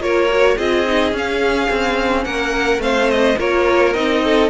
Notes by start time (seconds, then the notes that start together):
0.00 A#3 F4 A#4 C#5
0.30 F#4
0.57 C4 F4 G#4 D#5
0.86 D#4
1.12 C#4 F5
1.71 C4
2.24 A#3 A#4 F#5
2.79 A3 C4 C5 F5
3.10 D#5
3.38 A#3 F4 A#4 C#5
3.94 C4 D#4 D#5
4.24 A4